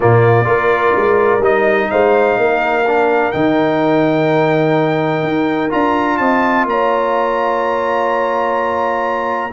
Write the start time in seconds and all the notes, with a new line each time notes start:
0.00 A#2 A#3 F4 D5
0.44 A#3 F4 A#4
0.96 G#3
1.39 G3 D#4 D#5
1.90 G#3 C5 F5
2.37 A#3 A#4
2.87 D4
3.31 D#3 D#4 G5
5.22 D#4
5.69 D4 F4 A#5
6.17 C4 D#5 A5
6.65 A#3 C#5 A#5